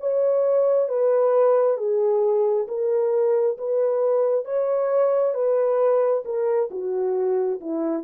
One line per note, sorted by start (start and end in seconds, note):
0.00 0.89 C#5
0.89 1.77 B4
1.77 2.67 G#4
2.68 3.57 A#4
3.58 4.45 B4
4.45 5.34 C#5
5.34 6.24 B4
6.25 6.70 A#4
6.71 7.60 F#4
7.61 8.04 E4